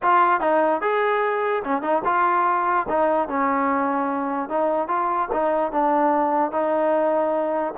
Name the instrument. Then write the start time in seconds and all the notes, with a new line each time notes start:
trombone
0.02 F4
0.40 D#4
0.81 G#4
1.64 C#4
1.81 D#4
2.04 F4
2.88 D#4
3.28 C#4
4.49 D#4
4.88 F4
5.32 D#4
5.72 D4
6.51 D#4